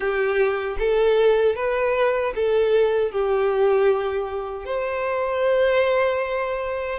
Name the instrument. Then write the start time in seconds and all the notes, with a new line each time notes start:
violin
0.00 G4
0.78 A4
1.55 B4
2.35 A4
3.11 G4
4.65 C5